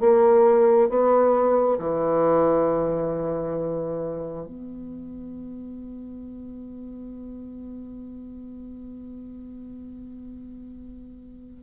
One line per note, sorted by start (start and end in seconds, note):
0.00 0.89 A#3
0.89 1.78 B3
1.78 4.47 E3
4.47 11.63 B3